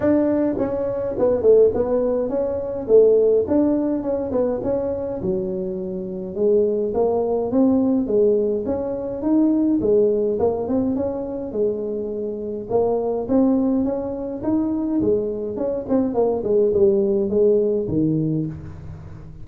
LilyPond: \new Staff \with { instrumentName = "tuba" } { \time 4/4 \tempo 4 = 104 d'4 cis'4 b8 a8 b4 | cis'4 a4 d'4 cis'8 b8 | cis'4 fis2 gis4 | ais4 c'4 gis4 cis'4 |
dis'4 gis4 ais8 c'8 cis'4 | gis2 ais4 c'4 | cis'4 dis'4 gis4 cis'8 c'8 | ais8 gis8 g4 gis4 dis4 | }